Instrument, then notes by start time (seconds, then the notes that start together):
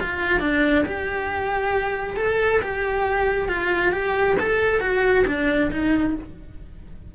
cello
0.00 F4
0.40 D4
0.85 G4
2.17 A4
2.62 G4
3.49 F4
3.92 G4
4.40 A4
4.80 F#4
5.27 D4
5.71 D#4